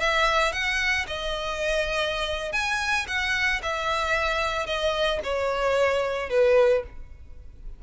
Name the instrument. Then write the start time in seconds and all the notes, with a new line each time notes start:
violin
0.00 E5
0.53 F#5
1.07 D#5
2.53 G#5
3.08 F#5
3.62 E5
4.67 D#5
5.24 C#5
6.29 B4